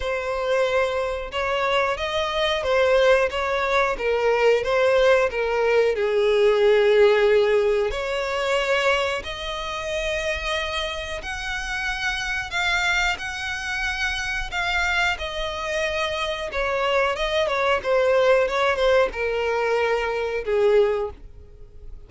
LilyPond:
\new Staff \with { instrumentName = "violin" } { \time 4/4 \tempo 4 = 91 c''2 cis''4 dis''4 | c''4 cis''4 ais'4 c''4 | ais'4 gis'2. | cis''2 dis''2~ |
dis''4 fis''2 f''4 | fis''2 f''4 dis''4~ | dis''4 cis''4 dis''8 cis''8 c''4 | cis''8 c''8 ais'2 gis'4 | }